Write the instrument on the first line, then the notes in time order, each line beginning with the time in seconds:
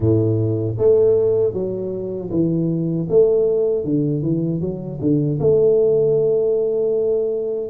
tuba
0.00 A2
0.78 A3
1.53 F#3
2.30 E3
3.09 A3
3.84 D3
4.22 E3
4.60 F#3
5.00 D3
5.40 A3